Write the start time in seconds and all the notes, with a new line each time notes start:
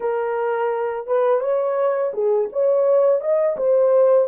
0.00 A#4
1.06 B4
1.40 C#5
2.13 G#4
2.52 C#5
3.20 D#5
3.56 C5